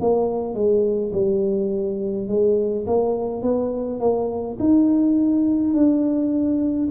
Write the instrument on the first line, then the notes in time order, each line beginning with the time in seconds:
tuba
0.00 A#3
0.54 G#3
1.13 G3
2.28 G#3
2.86 A#3
3.42 B3
4.00 A#3
4.59 D#4
5.74 D4